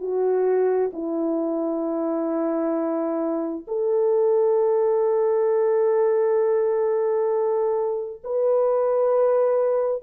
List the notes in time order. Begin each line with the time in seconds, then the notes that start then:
0.00 F#4
0.93 E4
3.67 A4
8.24 B4